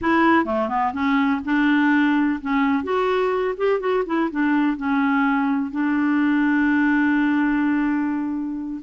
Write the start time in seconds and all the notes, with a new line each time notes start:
0.01 E4
0.45 A3
0.69 B3
0.93 C#4
1.44 D4
2.41 C#4
2.83 F#4
3.57 G4
3.79 F#4
4.06 E4
4.30 D4
4.77 C#4
5.71 D4